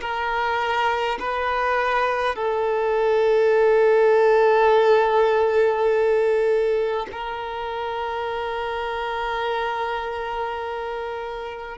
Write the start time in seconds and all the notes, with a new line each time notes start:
0.00 A#4
1.19 B4
2.35 A4
7.11 A#4